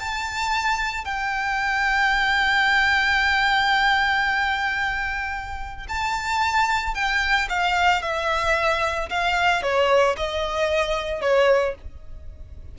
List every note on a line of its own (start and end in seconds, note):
0.00 1.05 A5
1.05 5.87 G5
5.89 6.94 A5
6.94 7.48 G5
7.49 8.02 F5
8.02 9.09 E5
9.10 9.63 F5
9.63 10.16 C#5
10.17 11.22 D#5
11.22 11.75 C#5